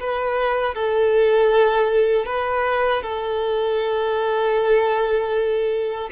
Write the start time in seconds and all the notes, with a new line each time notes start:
0.00 B4
0.75 A4
2.26 B4
3.03 A4